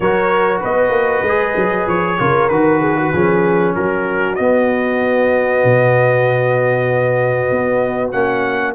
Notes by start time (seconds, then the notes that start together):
0.00 F#3 F#4 A#4 C#5
0.60 B3 B4 D#5
0.90 A#3
1.22 G#3 G#4
1.56 F#3
1.87 F3 C#5
2.18 C#3 F4 A#4
2.48 D#3 F#4 B4
2.80 G#4
2.97 F#4
3.13 F3 C#4 G#4
3.74 F#3 F#4 A#4
4.35 B3 D#5
5.63 B2
7.50 B3
8.11 A#3 C#4 F#5